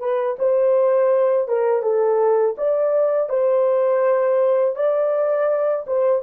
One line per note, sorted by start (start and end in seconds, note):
0.00 0.37 B4
0.39 1.48 C5
1.48 1.83 A#4
1.83 2.56 A4
2.57 3.29 D5
3.29 4.76 C5
4.76 5.85 D5
5.87 6.23 C5